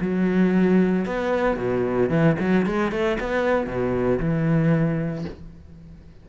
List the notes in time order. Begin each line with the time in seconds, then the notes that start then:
0.00 F#3
1.05 B3
1.56 B2
2.09 E3
2.39 F#3
2.66 G#3
2.91 A3
3.20 B3
3.67 B2
4.19 E3